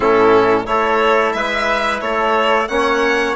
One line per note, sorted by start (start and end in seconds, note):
0.00 0.67 A2
0.00 0.65 C#4
0.00 0.64 E4
0.00 0.65 A4
0.65 1.33 A3
0.65 2.67 E4
0.65 1.36 A4
0.65 1.32 C#5
1.32 2.01 G#3
1.32 2.03 B4
1.32 1.99 E5
2.00 2.68 A3
2.00 2.71 A4
2.00 2.67 C#5
2.67 3.35 A#3
2.67 3.35 C#4
2.67 3.35 C#5
2.67 3.35 F#5